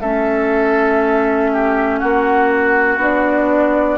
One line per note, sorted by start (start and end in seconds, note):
0.00 2.01 A3
0.00 2.99 C#4
0.00 1.50 A4
0.00 1.98 E5
1.52 1.99 G4
1.98 2.97 A#3
1.98 3.98 F#4
1.98 2.98 F#5
2.97 3.97 B3
2.97 3.98 D4
2.97 3.98 D5